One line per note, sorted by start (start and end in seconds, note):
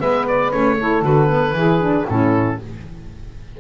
0.00 0.52 G#3
0.00 0.52 B3
0.00 0.77 B4
0.00 0.26 E5
0.28 0.52 D5
0.52 1.02 A3
0.52 0.77 C#4
0.52 1.03 C#5
0.79 1.04 E4
0.79 1.55 A4
1.02 1.53 D3
1.02 1.27 F#4
1.02 2.07 B4
1.27 1.52 B3
1.53 2.04 E3
1.53 1.81 E4
1.53 2.07 G#4
1.81 2.07 D4
2.07 2.60 A2
2.07 2.61 C#4
2.07 2.59 E4
2.07 2.60 A4